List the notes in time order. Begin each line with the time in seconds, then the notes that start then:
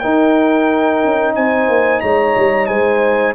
0.00 D#4 A#4 G5
1.05 C#4
1.35 C4 C5 G#5
1.69 A#3
2.01 G#3 C#5 A#5
2.37 G3
2.67 G#3 C5 G#5